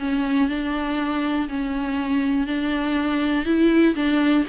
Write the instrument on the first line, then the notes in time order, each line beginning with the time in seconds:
viola
0.00 C#4
0.49 D4
1.49 C#4
2.47 D4
3.46 E4
3.96 D4